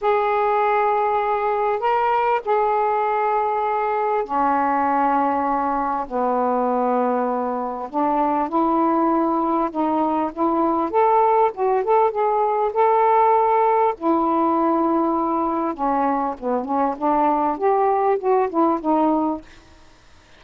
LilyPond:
\new Staff \with { instrumentName = "saxophone" } { \time 4/4 \tempo 4 = 99 gis'2. ais'4 | gis'2. cis'4~ | cis'2 b2~ | b4 d'4 e'2 |
dis'4 e'4 a'4 fis'8 a'8 | gis'4 a'2 e'4~ | e'2 cis'4 b8 cis'8 | d'4 g'4 fis'8 e'8 dis'4 | }